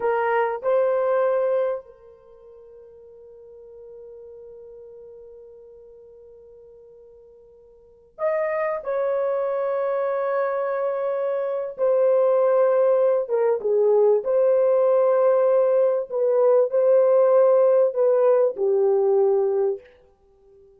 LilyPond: \new Staff \with { instrumentName = "horn" } { \time 4/4 \tempo 4 = 97 ais'4 c''2 ais'4~ | ais'1~ | ais'1~ | ais'4~ ais'16 dis''4 cis''4.~ cis''16~ |
cis''2. c''4~ | c''4. ais'8 gis'4 c''4~ | c''2 b'4 c''4~ | c''4 b'4 g'2 | }